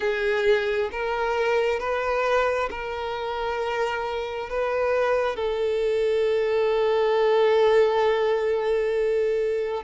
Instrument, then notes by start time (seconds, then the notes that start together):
violin
0.00 G#4
0.91 A#4
1.79 B4
2.70 A#4
4.49 B4
5.36 A4